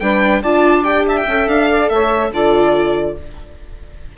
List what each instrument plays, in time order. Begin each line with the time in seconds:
0.00 bassoon G3, viola D4, saxophone B4, violin G5
0.42 bassoon D4, viola F4, saxophone D5, violin A5
0.84 viola G4, violin G5
1.07 saxophone E5, violin A5
1.17 violin G5
1.27 bassoon C#4, viola A4
1.47 bassoon D4, violin F5
1.70 saxophone D5
1.89 bassoon A3, saxophone C#5, violin E5
2.31 bassoon D3, viola F4, saxophone A4, violin D5